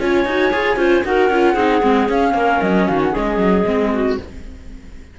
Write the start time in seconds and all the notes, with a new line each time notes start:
0.00 C#4 F4 C#5 G#5
0.26 D#4 F#4
0.53 F4 G#4
0.77 C#4 F4 C5
1.04 D#4 F#4 A#4 F#5
1.30 C#4 F4
1.53 C4 D#4 G#4
1.82 G#3 C4
2.07 C#4 F5
2.34 A#3 A#4
2.62 F#3 D#5
2.87 D#3 F#4 F5
3.03 F#5
3.12 G#3 G#4 D#5
3.38 F#3
3.66 G#3 C4
3.93 F#4